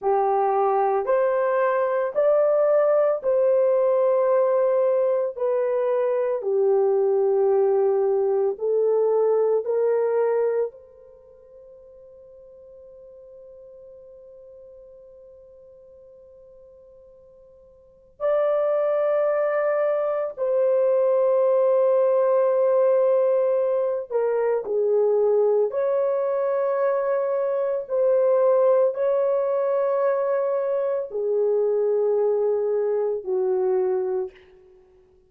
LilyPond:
\new Staff \with { instrumentName = "horn" } { \time 4/4 \tempo 4 = 56 g'4 c''4 d''4 c''4~ | c''4 b'4 g'2 | a'4 ais'4 c''2~ | c''1~ |
c''4 d''2 c''4~ | c''2~ c''8 ais'8 gis'4 | cis''2 c''4 cis''4~ | cis''4 gis'2 fis'4 | }